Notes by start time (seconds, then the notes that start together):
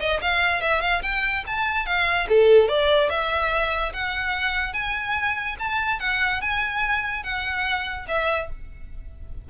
0.00 D#5
0.22 F5
0.62 E5
0.81 F5
1.03 G5
1.47 A5
1.86 F5
2.29 A4
2.68 D5
3.10 E5
3.93 F#5
4.73 G#5
5.59 A5
6.00 F#5
6.42 G#5
7.23 F#5
8.08 E5